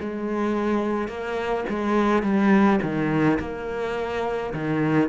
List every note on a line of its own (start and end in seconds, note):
0.00 1.08 G#3
1.08 1.64 A#3
1.69 2.22 G#3
2.22 2.79 G3
2.82 3.39 D#3
3.40 4.53 A#3
4.53 5.08 D#3